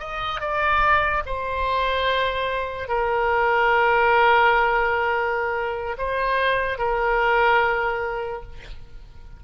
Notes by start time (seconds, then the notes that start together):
0.00 D#5
0.41 D5
1.26 C5
2.89 A#4
5.98 C5
6.78 A#4